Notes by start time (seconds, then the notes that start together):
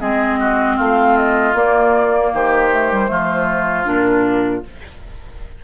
0.00 G#3 C4 G#4 D#5
0.39 F#4
0.76 A3 F4 F5
1.17 D#5
1.54 A#3 D5
2.33 D#3 G4 C5
2.72 A3
2.91 G3
3.07 F3 A3 F4
3.85 A#2 D4 A#4